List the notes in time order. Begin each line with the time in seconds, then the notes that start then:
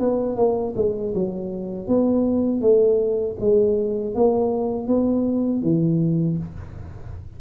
0.00 B3
0.36 A#3
0.76 G#3
1.15 F#3
1.88 B3
2.62 A3
3.41 G#3
4.16 A#3
4.88 B3
5.63 E3